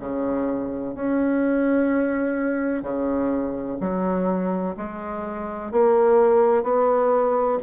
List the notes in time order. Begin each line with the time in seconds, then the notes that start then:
0.00 C#3
0.95 C#4
2.82 C#3
3.81 F#3
4.77 G#3
5.72 A#3
6.63 B3